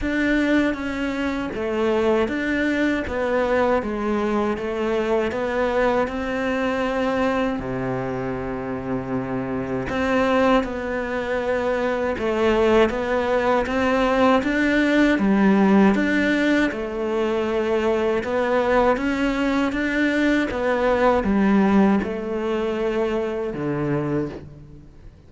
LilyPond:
\new Staff \with { instrumentName = "cello" } { \time 4/4 \tempo 4 = 79 d'4 cis'4 a4 d'4 | b4 gis4 a4 b4 | c'2 c2~ | c4 c'4 b2 |
a4 b4 c'4 d'4 | g4 d'4 a2 | b4 cis'4 d'4 b4 | g4 a2 d4 | }